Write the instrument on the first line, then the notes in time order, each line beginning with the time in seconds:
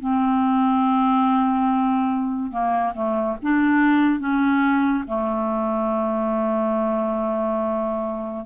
clarinet
0.00 C4
2.51 A#3
2.94 A3
3.43 D4
4.19 C#4
5.07 A3